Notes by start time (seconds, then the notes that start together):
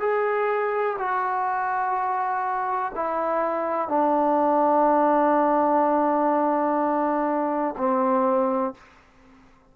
0.00 G#4
0.99 F#4
2.95 E4
3.88 D4
7.77 C4